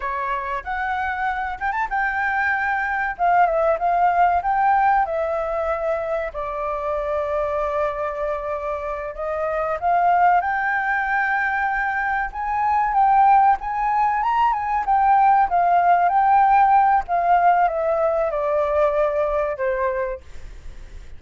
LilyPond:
\new Staff \with { instrumentName = "flute" } { \time 4/4 \tempo 4 = 95 cis''4 fis''4. g''16 a''16 g''4~ | g''4 f''8 e''8 f''4 g''4 | e''2 d''2~ | d''2~ d''8 dis''4 f''8~ |
f''8 g''2. gis''8~ | gis''8 g''4 gis''4 ais''8 gis''8 g''8~ | g''8 f''4 g''4. f''4 | e''4 d''2 c''4 | }